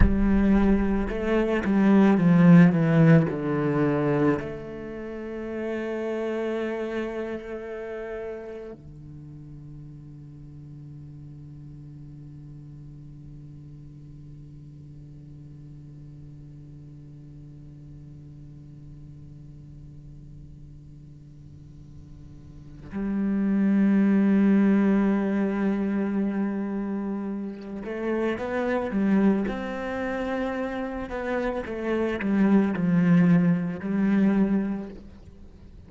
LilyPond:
\new Staff \with { instrumentName = "cello" } { \time 4/4 \tempo 4 = 55 g4 a8 g8 f8 e8 d4 | a1 | d1~ | d1~ |
d1~ | d4 g2.~ | g4. a8 b8 g8 c'4~ | c'8 b8 a8 g8 f4 g4 | }